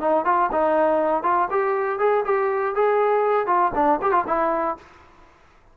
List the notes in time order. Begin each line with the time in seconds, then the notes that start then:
0.00 D#4
0.25 F4
0.52 D#4
1.22 F4
1.50 G4
1.99 G#4
2.25 G4
2.75 G#4
3.46 F4
3.74 D4
4.02 G4
4.11 F4
4.27 E4